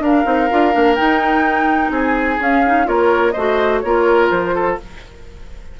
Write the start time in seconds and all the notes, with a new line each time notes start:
0.00 D4 A#4 F5
0.25 C4 D#4
0.51 D4 F4
0.72 A#3 D4
0.96 D#4 G5
1.91 C4 G#4 G#5
2.41 C#4 F5
2.66 D#4
2.85 A#3 F4 A#4 C#5
3.32 A3 F#4 C5 D#5
3.81 A#3 F4 A#4 C#5
4.30 F3 C5
4.55 A4